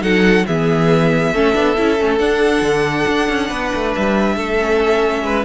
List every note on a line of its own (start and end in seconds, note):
0.00 0.45 F#3
0.00 0.43 D#4
0.00 0.46 A4
0.00 0.46 F#5
0.47 1.33 E3
0.47 1.35 B3
0.47 1.34 G#4
0.47 2.18 E5
1.33 1.54 A3
1.33 1.53 C#4
1.33 3.49 A4
1.53 1.77 B3
1.53 1.75 D4
1.78 2.00 C#4
1.78 1.99 E4
1.99 2.19 A3
1.99 2.20 C#4
2.18 2.62 D4
2.18 4.58 D4
2.18 3.92 F#5
2.62 3.05 D3
3.08 3.29 D4
3.29 3.51 C#4
3.49 3.72 B3
3.49 4.36 B4
3.75 3.96 A3
3.96 4.37 G3
3.96 5.45 E5
4.36 5.22 A3
4.36 5.23 A4
4.58 5.45 C#4
5.22 5.44 G#3
5.22 5.45 B4